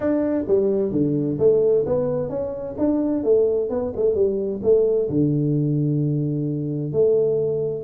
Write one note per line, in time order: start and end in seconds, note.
0.00 0.44 D4
0.47 0.91 G3
0.91 1.37 D3
1.38 1.84 A3
1.86 2.29 B3
2.29 2.75 C#4
2.78 3.23 D4
3.23 3.69 A3
3.69 3.92 B3
3.96 4.14 A3
4.14 4.60 G3
4.62 5.09 A3
5.09 6.92 D3
6.92 7.84 A3